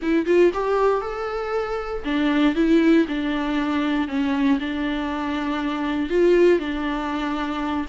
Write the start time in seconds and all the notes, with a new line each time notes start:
0.02 E4
0.26 F4
0.53 G4
1.01 A4
2.04 D4
2.55 E4
3.08 D4
4.07 C#4
4.59 D4
6.09 F4
6.59 D4